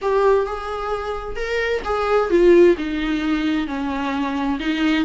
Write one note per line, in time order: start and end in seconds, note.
0.01 0.45 G4
0.45 1.36 G#4
1.36 1.82 A#4
1.84 2.30 G#4
2.30 2.76 F4
2.77 3.67 D#4
3.67 4.58 C#4
4.59 5.05 D#4